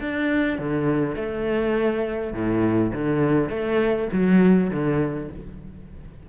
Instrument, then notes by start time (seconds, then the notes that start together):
cello
0.00 D4
0.58 D3
1.15 A3
2.33 A2
2.93 D3
3.49 A3
4.12 F#3
4.70 D3